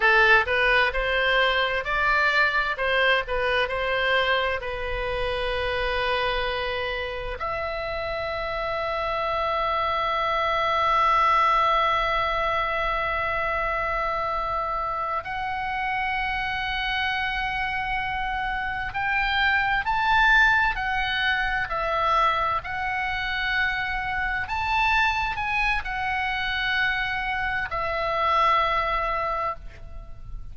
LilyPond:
\new Staff \with { instrumentName = "oboe" } { \time 4/4 \tempo 4 = 65 a'8 b'8 c''4 d''4 c''8 b'8 | c''4 b'2. | e''1~ | e''1~ |
e''8 fis''2.~ fis''8~ | fis''8 g''4 a''4 fis''4 e''8~ | e''8 fis''2 a''4 gis''8 | fis''2 e''2 | }